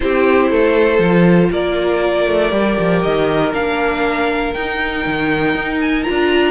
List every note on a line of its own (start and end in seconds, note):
0.00 0.51 C4
0.00 1.00 E4
0.00 0.50 G4
0.00 1.51 C5
0.50 0.98 A3
0.50 1.50 A4
0.98 1.49 F3
0.98 2.50 F4
1.51 2.26 A#3
1.51 6.51 A#4
1.51 3.02 D5
2.26 2.51 A3
2.50 2.77 G3
2.50 3.51 G4
2.79 3.04 F3
3.02 3.53 D#3
3.02 3.52 D#5
3.52 4.54 A#3
3.52 4.53 D4
3.52 4.53 F5
4.53 5.05 D#4
4.53 6.04 D#4
4.53 5.79 G5
5.06 5.55 D#3
5.55 6.05 D#4
5.80 6.03 G#5
6.03 6.51 F4
6.03 6.51 A#5
6.09 6.51 D4